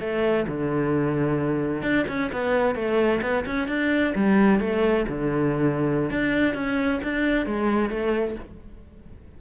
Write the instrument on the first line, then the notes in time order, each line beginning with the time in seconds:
cello
0.00 A3
0.47 D3
1.82 D4
2.08 C#4
2.32 B3
2.75 A3
3.22 B3
3.46 C#4
3.68 D4
4.15 G3
4.60 A3
5.08 D3
6.10 D4
6.54 C#4
7.03 D4
7.46 G#3
7.89 A3